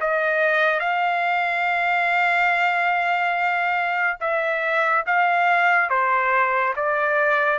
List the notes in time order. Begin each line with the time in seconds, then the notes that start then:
0.00 D#5
0.80 F5
4.20 E5
5.06 F5
5.89 C5
6.76 D5